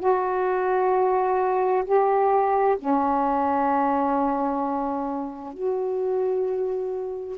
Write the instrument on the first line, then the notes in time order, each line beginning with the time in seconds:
saxophone
0.00 F#4
1.85 G4
2.79 C#4
5.54 F#4